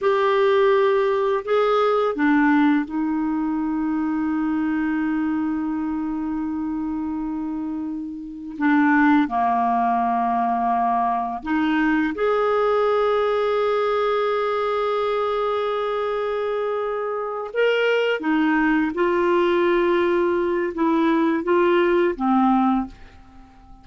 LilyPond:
\new Staff \with { instrumentName = "clarinet" } { \time 4/4 \tempo 4 = 84 g'2 gis'4 d'4 | dis'1~ | dis'1 | d'4 ais2. |
dis'4 gis'2.~ | gis'1~ | gis'8 ais'4 dis'4 f'4.~ | f'4 e'4 f'4 c'4 | }